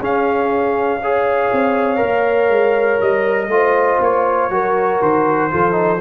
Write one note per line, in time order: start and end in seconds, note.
0.00 1.50 C#4
0.00 1.01 C#4
0.00 1.00 G#4
0.00 3.01 F5
1.01 1.97 G#4
1.01 3.51 C#5
1.52 2.02 C4
1.97 3.47 A#4
2.03 2.49 A#3
2.49 2.99 G#3
3.01 3.48 G3
3.01 4.01 D#5
3.48 3.98 A3
3.48 4.51 F4
3.54 4.53 C5
4.01 4.50 A#3
4.01 5.03 C#5
4.50 5.00 F#3
4.50 5.51 F#4
4.50 5.52 A#4
5.02 5.52 D#3
5.02 6.01 C5
5.51 6.01 F3
5.51 5.72 F4
5.51 6.01 A4
5.72 5.97 D#4